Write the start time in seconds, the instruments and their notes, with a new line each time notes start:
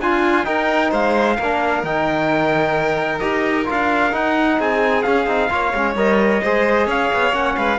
0.00 cello D4, violin F4, trombone F4, trumpet G#5
0.44 trombone D#4, cello D#4, violin A#4, trumpet G5
0.91 cello G#3, violin C5, trumpet F5
1.36 cello A#3, violin A#4
1.43 trombone D4
1.83 cello D#3, trombone D#4, trumpet G5
3.19 cello D#4, trombone G4, trumpet D#5
3.65 cello D4, trombone F4, trumpet F5
4.12 trombone D#4, cello D#4, trumpet F#5
4.58 cello C4, violin G#4, trumpet G#5
5.02 trombone C#4, cello C#4, trumpet F5
5.27 cello C4, trombone D#4
5.50 cello A#3, trombone F4, violin C#5
5.74 cello G#3, trombone C#4
5.95 cello G3, trombone A#4, trumpet D#5
6.42 cello G#3, trombone G#4, violin C5
6.86 cello C#4, violin C#5, trumpet F5
7.13 cello B3
7.32 cello A#3, trombone C#4, trumpet F#5
7.56 cello G#3, violin B4, trumpet F5